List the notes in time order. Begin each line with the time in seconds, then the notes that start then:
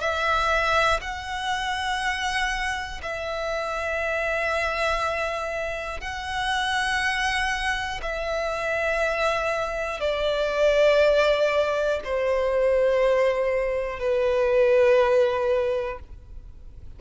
0.00 E5
1.01 F#5
3.02 E5
6.00 F#5
8.02 E5
10.00 D5
12.04 C5
14.00 B4